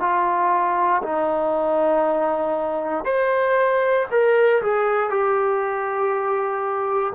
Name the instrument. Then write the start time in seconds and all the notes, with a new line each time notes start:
trombone
0.00 F4
1.03 D#4
3.05 C5
4.11 A#4
4.62 G#4
5.10 G4